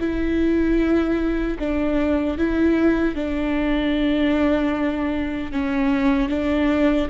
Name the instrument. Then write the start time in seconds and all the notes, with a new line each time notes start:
viola
0.00 E4
1.59 D4
2.38 E4
3.15 D4
5.52 C#4
6.29 D4